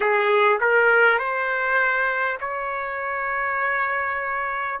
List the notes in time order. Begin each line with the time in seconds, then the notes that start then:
0.00 G#4
0.60 A#4
1.18 C5
2.40 C#5